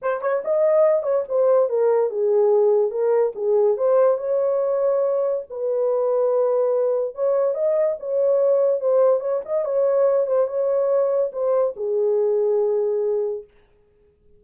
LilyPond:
\new Staff \with { instrumentName = "horn" } { \time 4/4 \tempo 4 = 143 c''8 cis''8 dis''4. cis''8 c''4 | ais'4 gis'2 ais'4 | gis'4 c''4 cis''2~ | cis''4 b'2.~ |
b'4 cis''4 dis''4 cis''4~ | cis''4 c''4 cis''8 dis''8 cis''4~ | cis''8 c''8 cis''2 c''4 | gis'1 | }